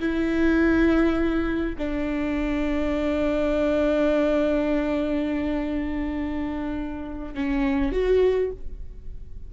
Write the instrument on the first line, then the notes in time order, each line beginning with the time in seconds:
viola
0.00 E4
1.78 D4
7.35 C#4
7.92 F#4